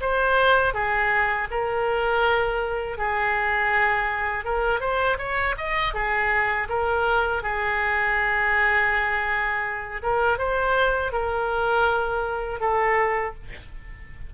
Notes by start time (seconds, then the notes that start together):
0.00 C5
0.73 G#4
1.50 A#4
2.97 G#4
4.44 A#4
4.80 C5
5.18 C#5
5.57 D#5
5.93 G#4
6.69 A#4
7.42 G#4
10.02 A#4
10.38 C5
11.12 A#4
12.60 A4